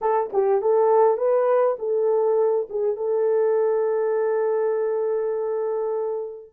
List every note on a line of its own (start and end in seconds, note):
0.01 0.31 A4
0.32 0.61 G4
0.61 1.17 A4
1.17 1.76 B4
1.78 2.68 A4
2.69 2.96 G#4
2.96 6.52 A4